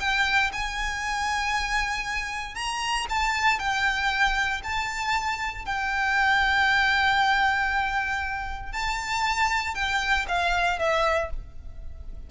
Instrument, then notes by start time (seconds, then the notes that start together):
violin
0.00 G5
0.53 G#5
2.55 A#5
3.09 A5
3.59 G5
4.63 A5
5.65 G5
8.72 A5
9.75 G5
10.28 F5
10.79 E5